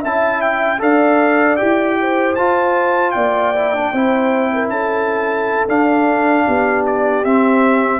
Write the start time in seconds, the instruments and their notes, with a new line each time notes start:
0.00 tuba C#4, horn E5, trumpet A5
0.06 trombone E4
0.41 trumpet G5
0.79 tuba D4, trombone A4, horn D5, trumpet F5
1.56 tuba E4, trombone G4, trumpet G5
2.01 horn C5
2.35 tuba F4, trombone F4, trumpet A5
3.11 tuba A#3, horn D5, trumpet G5
3.55 trombone E4
3.74 trombone D4
3.92 tuba C4, trombone E4, horn C5
4.53 horn A#4
4.68 tuba C#4, horn A4, trumpet A5
5.68 tuba D4, trombone D4, trumpet F5
6.46 tuba B3, horn G4
6.86 trumpet D5
7.24 tuba C4, trombone C4, trumpet E5